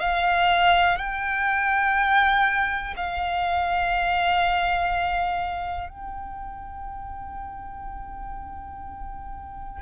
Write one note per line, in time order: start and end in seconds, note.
0.00 0.97 F5
0.97 2.94 G5
2.96 5.89 F5
5.89 9.82 G5